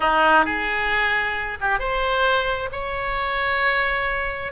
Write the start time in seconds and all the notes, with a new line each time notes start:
0.00 D#4
0.45 G#4
1.61 G4
1.79 C5
2.71 C#5